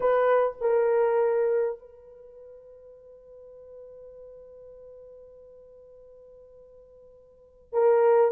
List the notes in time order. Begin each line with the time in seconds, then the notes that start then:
0.00 B4
0.60 A#4
1.78 B4
7.72 A#4